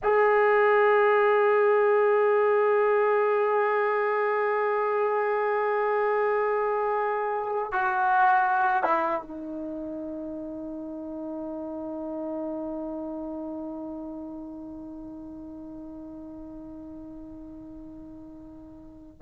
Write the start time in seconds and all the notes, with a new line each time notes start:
0.03 G#4
7.71 F#4
8.83 E4
9.22 D#4